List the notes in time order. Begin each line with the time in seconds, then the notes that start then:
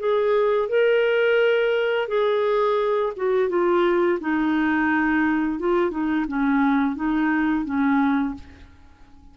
0.00 G#4
0.69 A#4
2.08 G#4
3.17 F#4
3.49 F4
4.21 D#4
5.59 F4
5.91 D#4
6.28 C#4
6.96 D#4
7.65 C#4